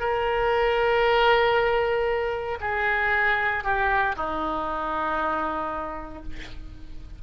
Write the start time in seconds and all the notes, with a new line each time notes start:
0.00 A#4
2.61 G#4
3.64 G4
4.17 D#4